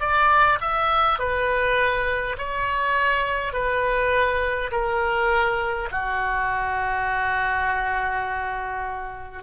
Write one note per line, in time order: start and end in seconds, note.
0.00 0.59 D5
0.61 1.19 E5
1.19 2.37 B4
2.38 3.53 C#5
3.53 4.71 B4
4.71 5.89 A#4
5.91 9.43 F#4